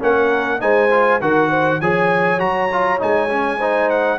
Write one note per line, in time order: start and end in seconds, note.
0.00 0.61 A#3
0.00 0.60 C#4
0.00 0.61 A#4
0.00 0.61 F#5
0.60 1.21 G#3
0.60 0.90 D#4
0.60 1.21 C5
0.60 1.21 G#5
0.91 1.21 F4
1.21 1.81 D#3
1.21 1.81 F#4
1.21 1.49 A#4
1.21 1.81 F#5
1.49 1.79 C5
1.81 2.41 F3
1.81 2.38 G#4
1.81 3.58 C#5
1.81 2.40 G#5
2.38 3.01 F#3
2.38 2.68 F#4
2.38 3.00 A#5
2.72 2.99 F4
2.99 4.19 G#3
2.99 3.29 D#4
2.99 3.90 G#5
3.29 3.59 C#4
3.58 4.19 D#4
3.58 4.18 C5
3.90 4.19 F#5